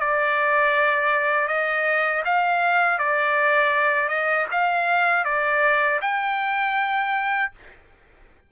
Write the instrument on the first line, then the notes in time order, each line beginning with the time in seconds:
trumpet
0.00 D5
1.48 D#5
2.25 F5
2.99 D5
4.09 D#5
4.52 F5
5.25 D5
6.02 G5